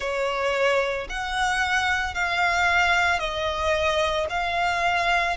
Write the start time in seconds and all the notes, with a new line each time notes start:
0.00 C#5
1.09 F#5
2.14 F5
3.19 D#5
4.29 F5